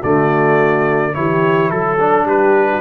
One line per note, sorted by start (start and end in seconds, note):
0.00 1.15 D3
0.00 1.14 A3
0.00 1.12 F#4
0.00 1.14 D5
1.14 1.71 E3
1.14 1.98 E4
1.14 1.72 G4
1.14 1.70 C#5
1.70 2.24 F#3
1.70 2.26 A4
1.99 2.80 D4
2.24 2.80 G3
2.24 2.68 G4
2.24 2.80 B4
2.72 2.80 F#4